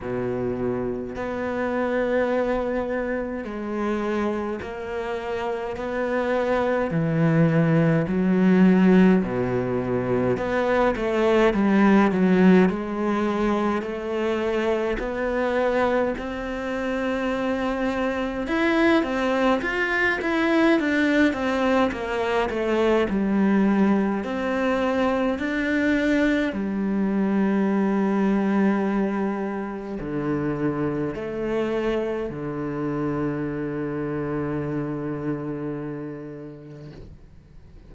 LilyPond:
\new Staff \with { instrumentName = "cello" } { \time 4/4 \tempo 4 = 52 b,4 b2 gis4 | ais4 b4 e4 fis4 | b,4 b8 a8 g8 fis8 gis4 | a4 b4 c'2 |
e'8 c'8 f'8 e'8 d'8 c'8 ais8 a8 | g4 c'4 d'4 g4~ | g2 d4 a4 | d1 | }